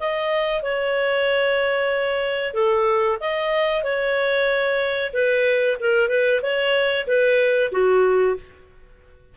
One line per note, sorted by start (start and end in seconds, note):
0.00 0.63 D#5
0.63 2.54 C#5
2.54 3.18 A4
3.21 3.84 D#5
3.84 5.13 C#5
5.13 5.78 B4
5.80 6.09 A#4
6.09 6.41 B4
6.43 7.07 C#5
7.07 7.72 B4
7.72 8.36 F#4